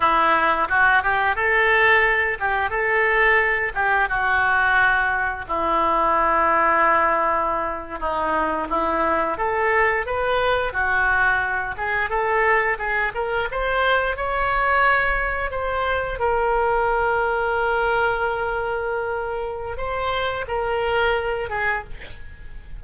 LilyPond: \new Staff \with { instrumentName = "oboe" } { \time 4/4 \tempo 4 = 88 e'4 fis'8 g'8 a'4. g'8 | a'4. g'8 fis'2 | e'2.~ e'8. dis'16~ | dis'8. e'4 a'4 b'4 fis'16~ |
fis'4~ fis'16 gis'8 a'4 gis'8 ais'8 c''16~ | c''8. cis''2 c''4 ais'16~ | ais'1~ | ais'4 c''4 ais'4. gis'8 | }